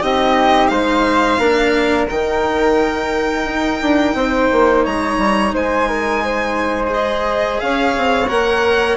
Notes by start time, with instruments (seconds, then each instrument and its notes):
0.00 bassoon C4, cello D#4, flute G4, violin D#5
0.67 bassoon G#3, flute C5, violin F5
1.38 bassoon A#3, cello D4, flute A#4
2.09 bassoon D#3, cello D#4, violin G5
3.45 bassoon D#4
3.81 bassoon D4
4.14 bassoon C4, flute C5
4.51 bassoon A#3
4.83 bassoon G#3, flute C#5, violin A#5
5.17 bassoon G3
5.53 bassoon G#3, flute C5, violin G#5
5.88 flute A#4
6.24 flute C5
6.87 cello G#4
6.93 violin D#5
7.60 bassoon C#4, flute C#5, violin F5
7.96 bassoon C4
8.28 bassoon A#3, cello A#4, violin F#5